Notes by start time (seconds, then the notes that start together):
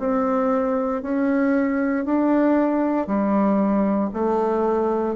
0.00 C4
1.03 C#4
2.05 D4
3.07 G3
4.14 A3